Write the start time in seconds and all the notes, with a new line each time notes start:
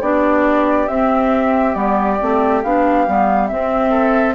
0.00 B3 D4 G4 D5
0.88 C4 E5
1.73 G3 B3 D5
2.20 A3 C4
2.63 B3 D4 F5
3.07 G3 B3
3.47 C4 E5
3.90 A4